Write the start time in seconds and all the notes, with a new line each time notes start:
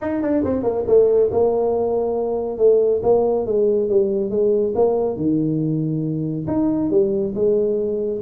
0.01 D#4
0.22 D4
0.44 C4
0.63 A#3
0.87 A3
1.31 A#3
2.58 A3
3.02 A#3
3.46 G#3
3.89 G3
4.30 G#3
4.75 A#3
5.16 D#3
6.47 D#4
6.90 G3
7.34 G#3